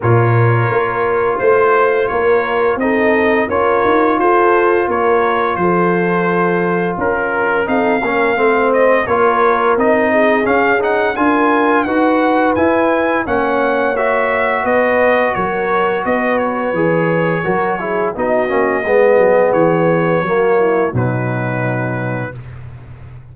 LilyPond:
<<
  \new Staff \with { instrumentName = "trumpet" } { \time 4/4 \tempo 4 = 86 cis''2 c''4 cis''4 | dis''4 cis''4 c''4 cis''4 | c''2 ais'4 f''4~ | f''8 dis''8 cis''4 dis''4 f''8 fis''8 |
gis''4 fis''4 gis''4 fis''4 | e''4 dis''4 cis''4 dis''8 cis''8~ | cis''2 dis''2 | cis''2 b'2 | }
  \new Staff \with { instrumentName = "horn" } { \time 4/4 ais'2 c''4 ais'4 | a'4 ais'4 a'4 ais'4 | a'2 ais'4 a'8 ais'8 | c''4 ais'4. gis'4. |
ais'4 b'2 cis''4~ | cis''4 b'4 ais'4 b'4~ | b'4 ais'8 gis'8 fis'4 gis'4~ | gis'4 fis'8 e'8 dis'2 | }
  \new Staff \with { instrumentName = "trombone" } { \time 4/4 f'1 | dis'4 f'2.~ | f'2. dis'8 cis'8 | c'4 f'4 dis'4 cis'8 dis'8 |
f'4 fis'4 e'4 cis'4 | fis'1 | gis'4 fis'8 e'8 dis'8 cis'8 b4~ | b4 ais4 fis2 | }
  \new Staff \with { instrumentName = "tuba" } { \time 4/4 ais,4 ais4 a4 ais4 | c'4 cis'8 dis'8 f'4 ais4 | f2 cis'4 c'8 ais8 | a4 ais4 c'4 cis'4 |
d'4 dis'4 e'4 ais4~ | ais4 b4 fis4 b4 | e4 fis4 b8 ais8 gis8 fis8 | e4 fis4 b,2 | }
>>